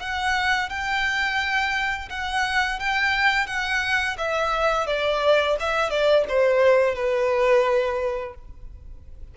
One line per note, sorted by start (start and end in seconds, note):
0.00 0.70 F#5
0.70 2.09 G5
2.10 2.80 F#5
2.80 3.47 G5
3.47 4.17 F#5
4.18 4.87 E5
4.87 5.57 D5
5.60 5.90 E5
5.90 6.25 D5
6.29 6.95 C5
6.95 8.35 B4